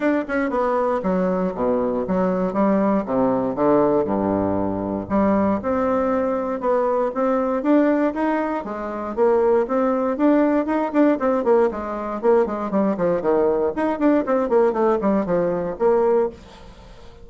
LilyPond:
\new Staff \with { instrumentName = "bassoon" } { \time 4/4 \tempo 4 = 118 d'8 cis'8 b4 fis4 b,4 | fis4 g4 c4 d4 | g,2 g4 c'4~ | c'4 b4 c'4 d'4 |
dis'4 gis4 ais4 c'4 | d'4 dis'8 d'8 c'8 ais8 gis4 | ais8 gis8 g8 f8 dis4 dis'8 d'8 | c'8 ais8 a8 g8 f4 ais4 | }